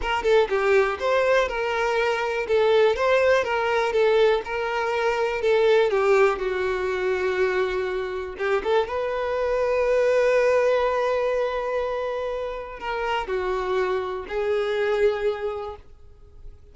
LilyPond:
\new Staff \with { instrumentName = "violin" } { \time 4/4 \tempo 4 = 122 ais'8 a'8 g'4 c''4 ais'4~ | ais'4 a'4 c''4 ais'4 | a'4 ais'2 a'4 | g'4 fis'2.~ |
fis'4 g'8 a'8 b'2~ | b'1~ | b'2 ais'4 fis'4~ | fis'4 gis'2. | }